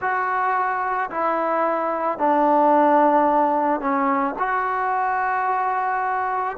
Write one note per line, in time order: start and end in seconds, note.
0.00 1.10 F#4
1.10 2.18 E4
2.18 3.80 D4
3.80 4.34 C#4
4.38 6.57 F#4